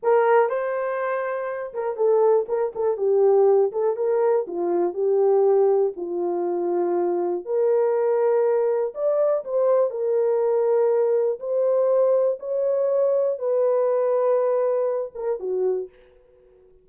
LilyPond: \new Staff \with { instrumentName = "horn" } { \time 4/4 \tempo 4 = 121 ais'4 c''2~ c''8 ais'8 | a'4 ais'8 a'8 g'4. a'8 | ais'4 f'4 g'2 | f'2. ais'4~ |
ais'2 d''4 c''4 | ais'2. c''4~ | c''4 cis''2 b'4~ | b'2~ b'8 ais'8 fis'4 | }